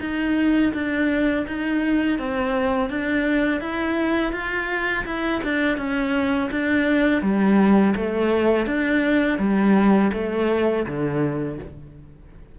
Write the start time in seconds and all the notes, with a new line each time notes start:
0.00 D#4
0.73 D4
1.47 D#4
2.18 C4
2.89 D4
3.60 E4
4.32 F4
5.05 E4
5.43 D4
5.77 C#4
6.51 D4
7.22 G3
7.95 A3
8.66 D4
9.38 G3
10.13 A3
10.86 D3